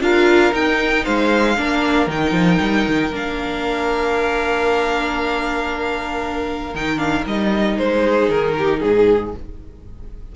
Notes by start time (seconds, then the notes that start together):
0.00 D4 F4 A#4 F5
0.52 D#4 G5
1.04 G#3 C5 F5
1.57 A#3 D4 A#4
2.07 D#3 D#4 G5
2.31 F3
2.60 G3
2.87 D#3
3.12 A#3 D4 F5
6.74 D#3 D#4 G5
6.97 D4 F5
7.25 G3 D#4 D#5
7.77 G#3 C5
8.02 G#4
8.28 D#3 A#4
8.58 G4
8.79 G#2 G#4